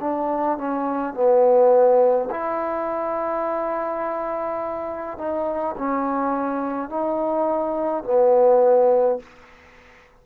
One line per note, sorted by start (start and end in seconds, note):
0.00 0.58 D4
0.58 1.14 C#4
1.14 2.29 B3
2.30 5.18 E4
5.18 5.75 D#4
5.77 6.89 C#4
6.89 8.03 D#4
8.03 9.19 B3